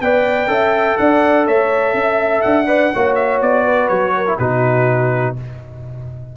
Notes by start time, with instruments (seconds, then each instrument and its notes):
0.00 tuba B3, trombone B4, horn D5, trumpet G5
0.47 tuba C#4, trombone A4, horn E5
0.97 tuba D4, horn D5, trumpet F#5
1.46 tuba A3, horn C#5, trumpet E5
1.94 tuba C#4, horn E5
2.41 tuba D4, trumpet F#5
2.66 trombone B4, horn D5
2.94 tuba A#3, trombone F#4, horn C#5
3.15 trumpet E5
3.41 tuba B3, trumpet D5
3.64 horn B4
3.88 tuba F#3, trumpet C#5
4.16 horn A#4
4.27 trombone E4
4.38 tuba B2, trombone D#4, horn F#4, trumpet B4